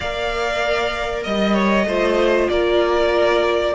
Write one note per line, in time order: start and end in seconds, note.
0.00 1.26 A#3
0.00 1.88 A#4
0.00 1.23 D5
0.00 1.23 F5
1.23 1.85 G3
1.23 1.53 D#5
1.23 2.49 D#5
1.53 1.85 C#5
1.85 2.47 A3
1.85 3.74 F4
1.85 2.50 C5
2.49 3.74 A#3
2.49 3.74 A#4
2.49 3.74 D5